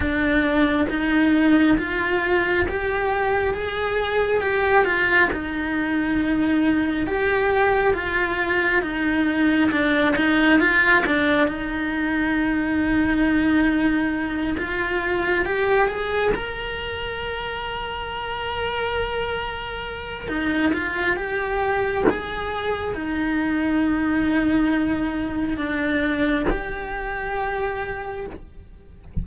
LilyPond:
\new Staff \with { instrumentName = "cello" } { \time 4/4 \tempo 4 = 68 d'4 dis'4 f'4 g'4 | gis'4 g'8 f'8 dis'2 | g'4 f'4 dis'4 d'8 dis'8 | f'8 d'8 dis'2.~ |
dis'8 f'4 g'8 gis'8 ais'4.~ | ais'2. dis'8 f'8 | g'4 gis'4 dis'2~ | dis'4 d'4 g'2 | }